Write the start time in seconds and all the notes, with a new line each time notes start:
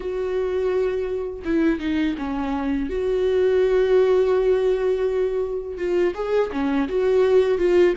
0.00 F#4
1.45 E4
1.79 D#4
2.18 C#4
2.89 F#4
5.77 F4
6.14 G#4
6.52 C#4
6.88 F#4
7.57 F4